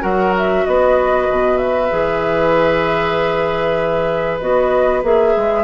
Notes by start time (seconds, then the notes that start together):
0.00 F#3 F#4 A#4 F#5
0.38 E5
0.66 B3 B4 D#5
1.29 B2
1.57 E5
1.90 E3 G#4
4.39 B3 F#4 D#5
5.03 A#3 G#4 E5
5.36 G#3